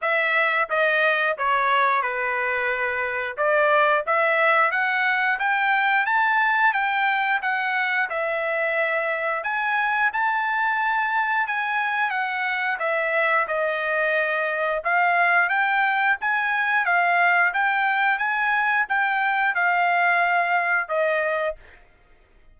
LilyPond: \new Staff \with { instrumentName = "trumpet" } { \time 4/4 \tempo 4 = 89 e''4 dis''4 cis''4 b'4~ | b'4 d''4 e''4 fis''4 | g''4 a''4 g''4 fis''4 | e''2 gis''4 a''4~ |
a''4 gis''4 fis''4 e''4 | dis''2 f''4 g''4 | gis''4 f''4 g''4 gis''4 | g''4 f''2 dis''4 | }